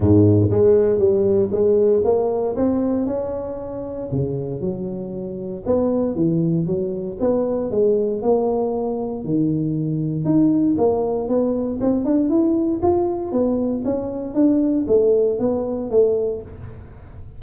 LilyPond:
\new Staff \with { instrumentName = "tuba" } { \time 4/4 \tempo 4 = 117 gis,4 gis4 g4 gis4 | ais4 c'4 cis'2 | cis4 fis2 b4 | e4 fis4 b4 gis4 |
ais2 dis2 | dis'4 ais4 b4 c'8 d'8 | e'4 f'4 b4 cis'4 | d'4 a4 b4 a4 | }